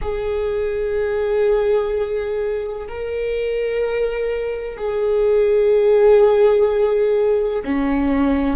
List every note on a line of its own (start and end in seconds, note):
0.01 2.87 G#4
2.88 4.77 A#4
4.77 7.63 G#4
7.64 8.56 C#4